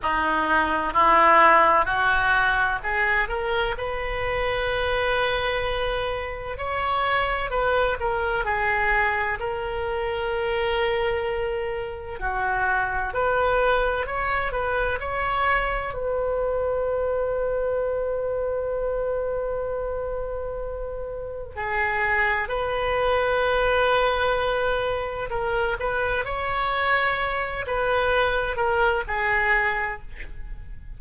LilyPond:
\new Staff \with { instrumentName = "oboe" } { \time 4/4 \tempo 4 = 64 dis'4 e'4 fis'4 gis'8 ais'8 | b'2. cis''4 | b'8 ais'8 gis'4 ais'2~ | ais'4 fis'4 b'4 cis''8 b'8 |
cis''4 b'2.~ | b'2. gis'4 | b'2. ais'8 b'8 | cis''4. b'4 ais'8 gis'4 | }